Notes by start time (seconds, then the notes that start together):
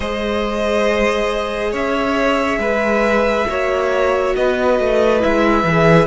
0.00 G#3 G#4 C5 D#5
1.71 C#4 C#5 E5
2.58 G#3 B4
3.47 A#3 F#4 C#5
4.35 B3 B4 D#5
4.79 A3
5.19 G#3 E4 E5
5.63 E3 G#4